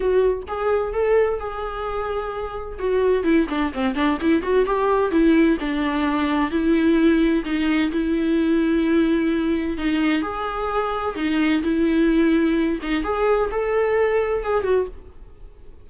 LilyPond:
\new Staff \with { instrumentName = "viola" } { \time 4/4 \tempo 4 = 129 fis'4 gis'4 a'4 gis'4~ | gis'2 fis'4 e'8 d'8 | c'8 d'8 e'8 fis'8 g'4 e'4 | d'2 e'2 |
dis'4 e'2.~ | e'4 dis'4 gis'2 | dis'4 e'2~ e'8 dis'8 | gis'4 a'2 gis'8 fis'8 | }